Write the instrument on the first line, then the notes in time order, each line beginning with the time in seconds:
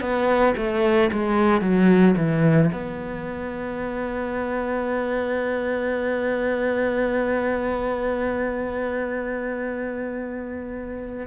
cello
0.00 B3
0.56 A3
1.12 G#3
1.61 F#3
2.16 E3
2.72 B3